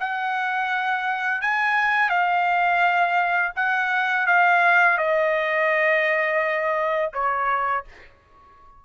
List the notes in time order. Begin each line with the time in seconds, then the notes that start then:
0.00 F#5
1.42 G#5
2.10 F5
3.56 F#5
4.27 F5
4.98 D#5
7.14 C#5